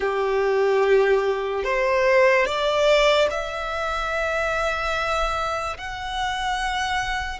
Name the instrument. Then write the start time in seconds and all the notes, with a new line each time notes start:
violin
0.00 G4
1.64 C5
2.45 D5
3.30 E5
5.77 F#5